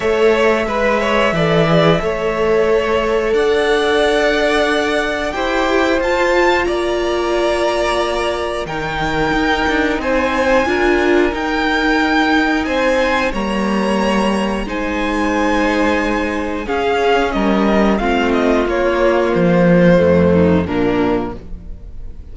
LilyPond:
<<
  \new Staff \with { instrumentName = "violin" } { \time 4/4 \tempo 4 = 90 e''1~ | e''4 fis''2. | g''4 a''4 ais''2~ | ais''4 g''2 gis''4~ |
gis''4 g''2 gis''4 | ais''2 gis''2~ | gis''4 f''4 dis''4 f''8 dis''8 | cis''4 c''2 ais'4 | }
  \new Staff \with { instrumentName = "violin" } { \time 4/4 cis''4 b'8 cis''8 d''4 cis''4~ | cis''4 d''2. | c''2 d''2~ | d''4 ais'2 c''4 |
ais'2. c''4 | cis''2 c''2~ | c''4 gis'4 ais'4 f'4~ | f'2~ f'8 dis'8 d'4 | }
  \new Staff \with { instrumentName = "viola" } { \time 4/4 a'4 b'4 a'8 gis'8 a'4~ | a'1 | g'4 f'2.~ | f'4 dis'2. |
f'4 dis'2. | ais2 dis'2~ | dis'4 cis'2 c'4 | ais2 a4 ais4 | }
  \new Staff \with { instrumentName = "cello" } { \time 4/4 a4 gis4 e4 a4~ | a4 d'2. | e'4 f'4 ais2~ | ais4 dis4 dis'8 d'8 c'4 |
d'4 dis'2 c'4 | g2 gis2~ | gis4 cis'4 g4 a4 | ais4 f4 f,4 ais,4 | }
>>